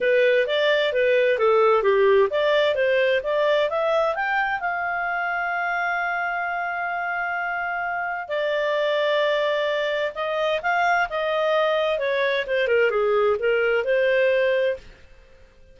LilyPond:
\new Staff \with { instrumentName = "clarinet" } { \time 4/4 \tempo 4 = 130 b'4 d''4 b'4 a'4 | g'4 d''4 c''4 d''4 | e''4 g''4 f''2~ | f''1~ |
f''2 d''2~ | d''2 dis''4 f''4 | dis''2 cis''4 c''8 ais'8 | gis'4 ais'4 c''2 | }